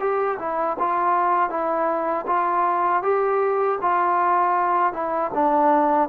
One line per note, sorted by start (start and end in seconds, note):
0.00 0.38 G4
0.40 0.78 E4
0.79 1.50 F4
1.50 2.26 E4
2.27 3.03 F4
3.03 3.79 G4
3.82 4.93 F4
4.93 5.31 E4
5.35 6.09 D4